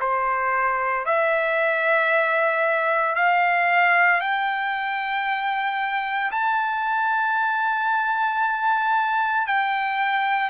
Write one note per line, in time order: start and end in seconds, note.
0.00 1.05 C5
1.05 3.15 E5
3.15 4.20 F5
4.20 6.31 G5
6.31 9.47 A5
9.47 10.49 G5